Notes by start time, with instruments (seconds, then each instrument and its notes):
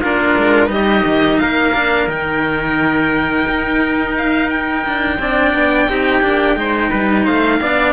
0.00 cello A#3 D4, trumpet F4, violin A#4
0.37 cello G#3
0.66 cello G3 D#4, violin D#5
0.73 trumpet G4
1.04 cello D#3
1.39 cello A#3, trumpet A#4, violin F5
1.74 cello D4
2.07 cello D#3 D#4, violin G5
3.47 cello D#4
4.17 violin F5
4.50 violin G5
4.85 cello D4
5.19 cello C4 D4, trumpet D5
5.53 cello B3
5.88 cello C4 D#4, trumpet G4
6.22 cello A#3 D4
6.55 cello G#3 D#4, trumpet C5
6.89 cello G3, trumpet B4
7.24 cello A3, trumpet C5, violin F5
7.60 cello B3 D4, trumpet D5